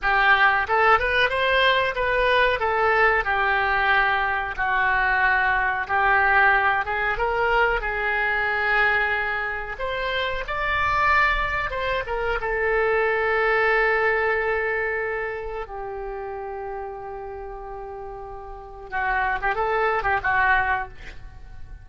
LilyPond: \new Staff \with { instrumentName = "oboe" } { \time 4/4 \tempo 4 = 92 g'4 a'8 b'8 c''4 b'4 | a'4 g'2 fis'4~ | fis'4 g'4. gis'8 ais'4 | gis'2. c''4 |
d''2 c''8 ais'8 a'4~ | a'1 | g'1~ | g'4 fis'8. g'16 a'8. g'16 fis'4 | }